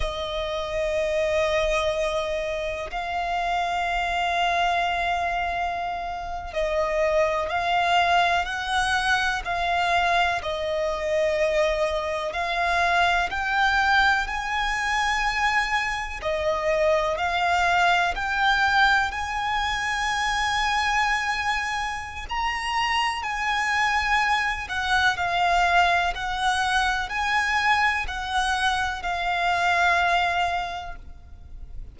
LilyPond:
\new Staff \with { instrumentName = "violin" } { \time 4/4 \tempo 4 = 62 dis''2. f''4~ | f''2~ f''8. dis''4 f''16~ | f''8. fis''4 f''4 dis''4~ dis''16~ | dis''8. f''4 g''4 gis''4~ gis''16~ |
gis''8. dis''4 f''4 g''4 gis''16~ | gis''2. ais''4 | gis''4. fis''8 f''4 fis''4 | gis''4 fis''4 f''2 | }